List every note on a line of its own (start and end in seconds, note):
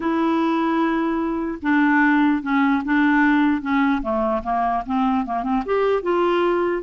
0.00 1.58 E4
1.62 2.42 D4
2.42 2.82 C#4
2.84 3.61 D4
3.61 4.01 C#4
4.02 4.42 A3
4.43 4.83 A#3
4.86 5.25 C4
5.25 5.43 A#3
5.43 5.63 C4
5.65 6.02 G4
6.02 6.83 F4